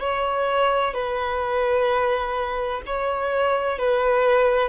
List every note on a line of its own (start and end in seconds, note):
0.00 0.94 C#5
0.94 2.82 B4
2.86 3.79 C#5
3.79 4.69 B4